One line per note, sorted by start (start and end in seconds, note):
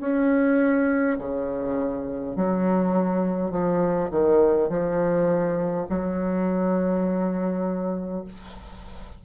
0.00 1.18 C#4
1.18 2.36 C#3
2.36 3.51 F#3
3.51 4.10 F3
4.11 4.69 D#3
4.69 5.87 F3
5.89 8.24 F#3